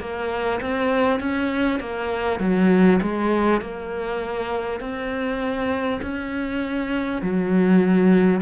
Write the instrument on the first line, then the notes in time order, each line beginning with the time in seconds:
cello
0.00 A#3
0.61 C4
1.19 C#4
1.79 A#3
2.39 F#3
3.01 G#3
3.61 A#3
4.80 C4
6.02 C#4
7.21 F#3